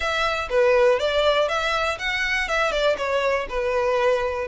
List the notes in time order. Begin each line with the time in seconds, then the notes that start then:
0.00 E5
0.49 B4
0.99 D5
1.48 E5
1.98 F#5
2.48 E5
2.71 D5
2.97 C#5
3.49 B4